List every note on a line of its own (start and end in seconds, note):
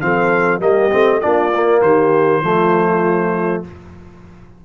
0.00 0.59 F3
0.00 0.60 C4
0.00 0.61 A4
0.00 0.61 F5
0.59 0.90 G3
0.59 0.90 A#3
0.59 1.21 G4
0.59 1.20 D#5
0.91 1.23 A3
0.91 1.21 C4
1.20 1.81 A#3
1.20 1.52 D4
1.20 1.81 F4
1.20 1.81 D5
1.54 2.43 A#3
1.81 2.41 D#3
1.81 2.43 G4
1.81 3.63 C5
2.41 3.62 F3
2.41 3.64 A3
2.41 3.65 F4